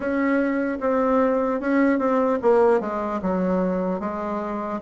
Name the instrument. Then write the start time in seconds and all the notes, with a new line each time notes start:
bassoon
0.00 C#4
0.80 C4
1.60 C#4
1.98 C4
2.41 A#3
2.80 G#3
3.22 F#3
4.00 G#3